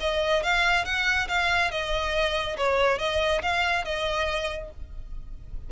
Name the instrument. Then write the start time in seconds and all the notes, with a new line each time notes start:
violin
0.00 D#5
0.43 F5
0.85 F#5
1.28 F5
1.71 D#5
2.57 C#5
2.99 D#5
3.42 F5
3.84 D#5